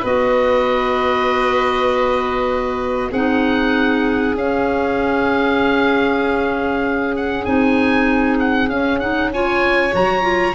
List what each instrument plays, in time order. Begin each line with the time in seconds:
0.00 tuba B3, clarinet F#4, violin B4, oboe D#5
3.11 tuba C4, clarinet D#4, violin G#4, oboe F#5
4.35 tuba C#4, clarinet C#4, oboe F5
7.16 oboe F#5
7.45 tuba C4, clarinet D#4, oboe G#5
8.39 oboe F#5
8.68 tuba C#4, clarinet C#4, oboe F5
8.99 clarinet D#4, oboe F#5
9.34 clarinet F4, violin C#5, oboe G#5
9.91 tuba F#3, clarinet F#4, oboe A#5
10.22 clarinet F4